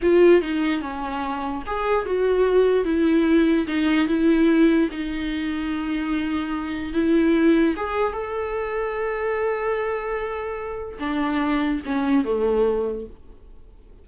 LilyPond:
\new Staff \with { instrumentName = "viola" } { \time 4/4 \tempo 4 = 147 f'4 dis'4 cis'2 | gis'4 fis'2 e'4~ | e'4 dis'4 e'2 | dis'1~ |
dis'4 e'2 gis'4 | a'1~ | a'2. d'4~ | d'4 cis'4 a2 | }